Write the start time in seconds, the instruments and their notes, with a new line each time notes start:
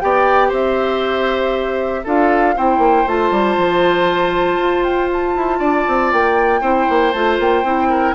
0.00 bassoon B3, clarinet G4, oboe D5, flute G5
0.48 bassoon C4, oboe C5, flute E5
2.04 bassoon D4, clarinet F4, oboe A4, flute F5
2.56 bassoon C4, clarinet E4, oboe C5, flute G5
2.78 bassoon A#3
3.06 bassoon A3, clarinet F4, flute A5
3.31 bassoon G3
3.57 bassoon F3
4.58 bassoon F4
4.83 flute G5
5.12 flute A5
5.35 bassoon E4
5.58 bassoon D4, oboe D5
5.87 bassoon C4
6.12 bassoon A#3, flute G5
6.60 bassoon C4, clarinet E4, oboe C5
6.89 bassoon A#3
7.13 bassoon A3, clarinet F4, flute A5
7.39 bassoon A#3, flute G5
7.63 bassoon C4, clarinet E4
7.89 oboe A#4